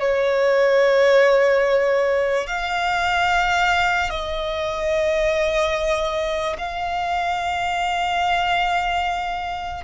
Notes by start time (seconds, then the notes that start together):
0.00 C#5
2.47 F5
4.09 D#5
6.58 F5